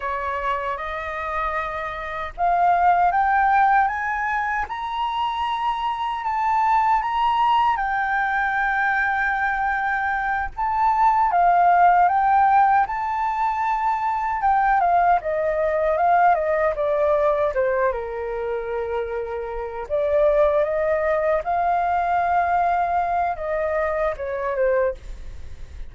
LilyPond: \new Staff \with { instrumentName = "flute" } { \time 4/4 \tempo 4 = 77 cis''4 dis''2 f''4 | g''4 gis''4 ais''2 | a''4 ais''4 g''2~ | g''4. a''4 f''4 g''8~ |
g''8 a''2 g''8 f''8 dis''8~ | dis''8 f''8 dis''8 d''4 c''8 ais'4~ | ais'4. d''4 dis''4 f''8~ | f''2 dis''4 cis''8 c''8 | }